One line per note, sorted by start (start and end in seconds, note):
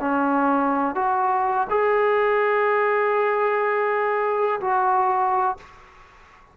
0.00 0.95 C#4
0.95 1.67 F#4
1.69 4.60 G#4
4.60 5.57 F#4